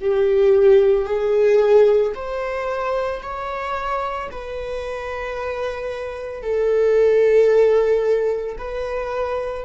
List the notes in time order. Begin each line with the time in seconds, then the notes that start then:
0.00 G4
1.05 G#4
2.14 C5
3.22 C#5
4.31 B4
6.42 A4
8.58 B4